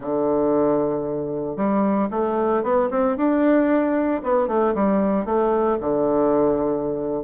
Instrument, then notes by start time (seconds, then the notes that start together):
bassoon
0.00 D3
1.56 G3
2.10 A3
2.63 B3
2.90 C4
3.16 D4
4.23 B3
4.47 A3
4.74 G3
5.25 A3
5.80 D3